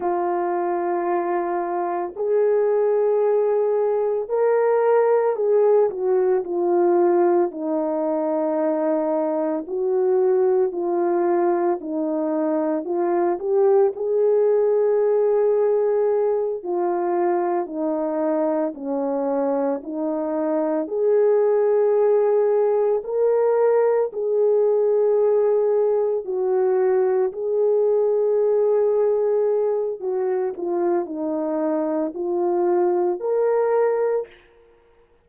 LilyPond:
\new Staff \with { instrumentName = "horn" } { \time 4/4 \tempo 4 = 56 f'2 gis'2 | ais'4 gis'8 fis'8 f'4 dis'4~ | dis'4 fis'4 f'4 dis'4 | f'8 g'8 gis'2~ gis'8 f'8~ |
f'8 dis'4 cis'4 dis'4 gis'8~ | gis'4. ais'4 gis'4.~ | gis'8 fis'4 gis'2~ gis'8 | fis'8 f'8 dis'4 f'4 ais'4 | }